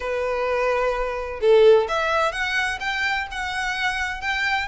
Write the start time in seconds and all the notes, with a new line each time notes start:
0.00 B4
1.40 A4
1.88 E5
2.32 F#5
2.80 G5
3.31 F#5
4.21 G5